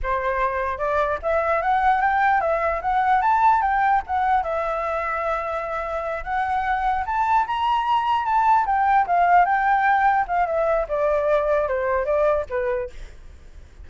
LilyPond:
\new Staff \with { instrumentName = "flute" } { \time 4/4 \tempo 4 = 149 c''2 d''4 e''4 | fis''4 g''4 e''4 fis''4 | a''4 g''4 fis''4 e''4~ | e''2.~ e''8 fis''8~ |
fis''4. a''4 ais''4.~ | ais''8 a''4 g''4 f''4 g''8~ | g''4. f''8 e''4 d''4~ | d''4 c''4 d''4 b'4 | }